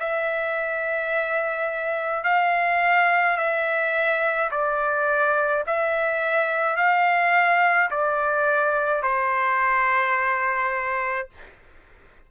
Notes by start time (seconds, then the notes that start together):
0.00 E5
2.24 F5
3.38 E5
4.51 D5
5.67 E5
6.77 F5
7.91 D5
9.03 C5